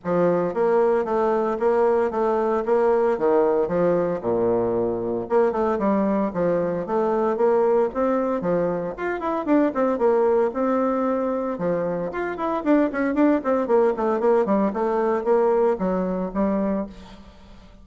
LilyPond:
\new Staff \with { instrumentName = "bassoon" } { \time 4/4 \tempo 4 = 114 f4 ais4 a4 ais4 | a4 ais4 dis4 f4 | ais,2 ais8 a8 g4 | f4 a4 ais4 c'4 |
f4 f'8 e'8 d'8 c'8 ais4 | c'2 f4 f'8 e'8 | d'8 cis'8 d'8 c'8 ais8 a8 ais8 g8 | a4 ais4 fis4 g4 | }